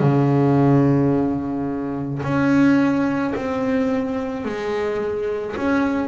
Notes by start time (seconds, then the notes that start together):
0.00 C#3
2.23 C#4
3.36 C4
4.45 G#3
5.57 C#4